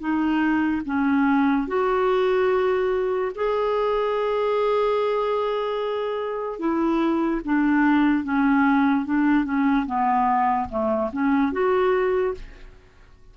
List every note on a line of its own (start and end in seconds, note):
0.00 0.82 D#4
0.86 1.68 C#4
1.68 3.32 F#4
3.35 6.59 G#4
6.59 7.41 E4
7.45 8.24 D4
8.24 9.06 C#4
9.06 9.45 D4
9.45 9.86 C#4
9.87 10.69 B3
10.69 11.10 A3
11.13 11.53 C#4
11.53 12.35 F#4